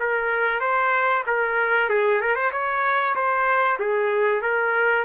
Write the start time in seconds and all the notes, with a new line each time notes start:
0.00 A#4
0.61 C5
1.27 A#4
1.89 G#4
2.21 A#4
2.35 C5
2.52 C#5
3.15 C5
3.80 G#4
4.42 A#4